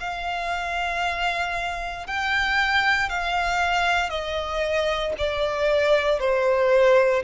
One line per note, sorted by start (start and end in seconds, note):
0.00 2.07 F5
2.07 3.10 G5
3.10 4.10 F5
4.10 5.13 D#5
5.19 6.20 D5
6.20 7.23 C5